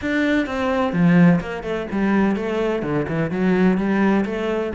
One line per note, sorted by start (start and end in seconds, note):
0.01 0.46 D4
0.46 0.92 C4
0.92 1.40 F3
1.40 1.63 A#3
1.63 1.87 A3
1.91 2.35 G3
2.35 2.82 A3
2.82 3.06 D3
3.08 3.30 E3
3.30 3.77 F#3
3.77 4.24 G3
4.25 4.72 A3